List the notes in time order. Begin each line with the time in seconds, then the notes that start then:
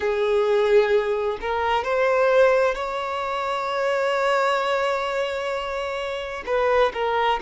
0.00 G#4
1.41 A#4
1.84 C5
2.74 C#5
6.46 B4
6.93 A#4